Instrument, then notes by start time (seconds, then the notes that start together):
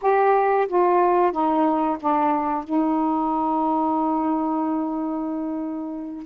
saxophone
0.01 G4
0.67 F4
1.32 D#4
2.00 D4
2.64 D#4